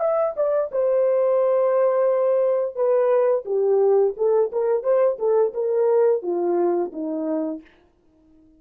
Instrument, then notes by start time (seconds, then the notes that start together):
horn
0.00 E5
0.37 D5
0.72 C5
2.76 B4
3.45 G4
4.17 A4
4.52 A#4
4.83 C5
5.19 A4
5.54 A#4
6.23 F4
6.92 D#4